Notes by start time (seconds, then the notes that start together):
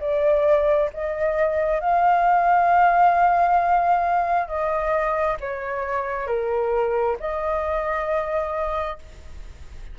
0.00 D5
0.93 D#5
1.80 F5
4.47 D#5
5.40 C#5
6.26 A#4
7.19 D#5